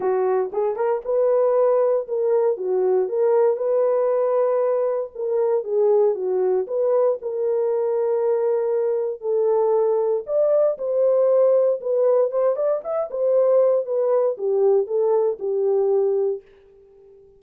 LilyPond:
\new Staff \with { instrumentName = "horn" } { \time 4/4 \tempo 4 = 117 fis'4 gis'8 ais'8 b'2 | ais'4 fis'4 ais'4 b'4~ | b'2 ais'4 gis'4 | fis'4 b'4 ais'2~ |
ais'2 a'2 | d''4 c''2 b'4 | c''8 d''8 e''8 c''4. b'4 | g'4 a'4 g'2 | }